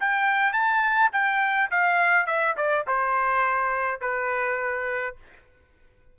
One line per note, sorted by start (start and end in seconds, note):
0.00 0.53 G5
0.53 1.11 A5
1.13 1.70 G5
1.71 2.27 F5
2.27 2.55 E5
2.57 2.86 D5
2.87 4.01 C5
4.01 5.16 B4